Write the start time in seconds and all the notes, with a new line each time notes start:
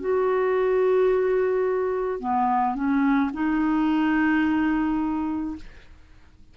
0.00 F#4
2.20 B3
2.75 C#4
3.33 D#4